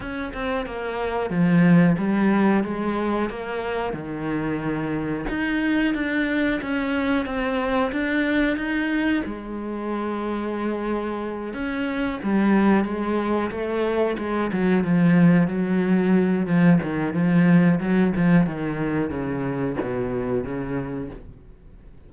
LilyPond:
\new Staff \with { instrumentName = "cello" } { \time 4/4 \tempo 4 = 91 cis'8 c'8 ais4 f4 g4 | gis4 ais4 dis2 | dis'4 d'4 cis'4 c'4 | d'4 dis'4 gis2~ |
gis4. cis'4 g4 gis8~ | gis8 a4 gis8 fis8 f4 fis8~ | fis4 f8 dis8 f4 fis8 f8 | dis4 cis4 b,4 cis4 | }